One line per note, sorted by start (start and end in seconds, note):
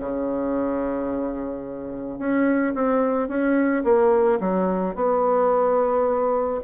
0.00 2.19 C#3
2.19 2.73 C#4
2.74 3.28 C4
3.28 3.83 C#4
3.84 4.39 A#3
4.40 4.95 F#3
4.95 6.60 B3